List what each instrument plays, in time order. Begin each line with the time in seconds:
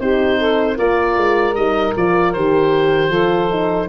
0.00 tuba C4, horn D#4, saxophone G4, oboe C5
0.39 saxophone A4
0.76 tuba A#3, horn F4, saxophone A#4, oboe D5
1.17 tuba G#3
1.54 tuba G3, horn D#4, oboe D#5
1.97 tuba F3, horn F4, oboe D5
2.33 tuba D#3, horn G4, oboe C5
3.09 tuba F3, horn F4, saxophone A4
3.50 horn D#4